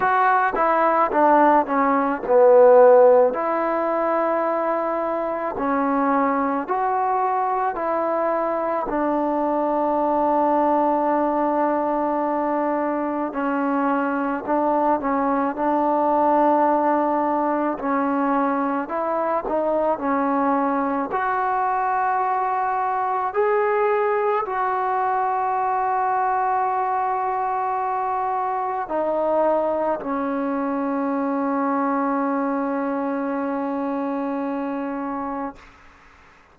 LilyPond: \new Staff \with { instrumentName = "trombone" } { \time 4/4 \tempo 4 = 54 fis'8 e'8 d'8 cis'8 b4 e'4~ | e'4 cis'4 fis'4 e'4 | d'1 | cis'4 d'8 cis'8 d'2 |
cis'4 e'8 dis'8 cis'4 fis'4~ | fis'4 gis'4 fis'2~ | fis'2 dis'4 cis'4~ | cis'1 | }